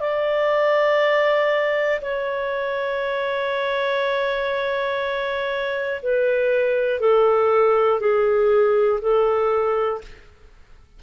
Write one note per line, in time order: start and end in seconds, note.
0.00 2.00 D5
2.00 6.00 C#5
6.02 7.00 B4
7.00 8.00 A4
8.00 9.00 G#4
9.00 10.00 A4